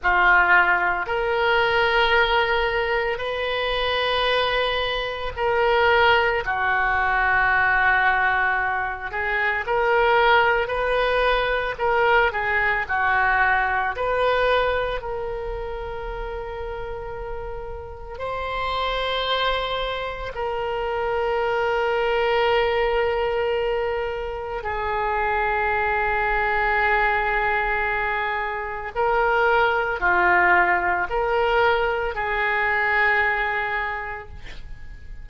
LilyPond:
\new Staff \with { instrumentName = "oboe" } { \time 4/4 \tempo 4 = 56 f'4 ais'2 b'4~ | b'4 ais'4 fis'2~ | fis'8 gis'8 ais'4 b'4 ais'8 gis'8 | fis'4 b'4 ais'2~ |
ais'4 c''2 ais'4~ | ais'2. gis'4~ | gis'2. ais'4 | f'4 ais'4 gis'2 | }